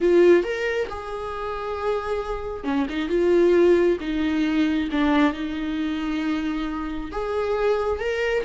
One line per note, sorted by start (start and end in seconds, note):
0.01 0.43 F4
0.43 0.87 A#4
0.89 2.64 G#4
2.64 2.86 C#4
2.89 3.08 D#4
3.08 3.97 F4
4.00 4.89 D#4
4.91 5.33 D4
5.33 7.11 D#4
7.11 7.99 G#4
7.99 8.44 A#4